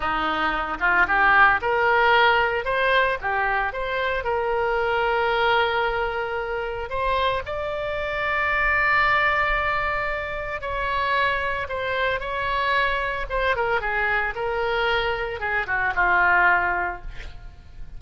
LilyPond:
\new Staff \with { instrumentName = "oboe" } { \time 4/4 \tempo 4 = 113 dis'4. f'8 g'4 ais'4~ | ais'4 c''4 g'4 c''4 | ais'1~ | ais'4 c''4 d''2~ |
d''1 | cis''2 c''4 cis''4~ | cis''4 c''8 ais'8 gis'4 ais'4~ | ais'4 gis'8 fis'8 f'2 | }